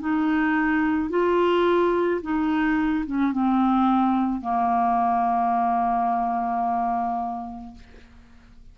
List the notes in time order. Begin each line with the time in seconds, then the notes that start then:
0.00 D#4
1.10 F4
2.22 D#4
3.07 C#4
3.32 C4
4.41 A#3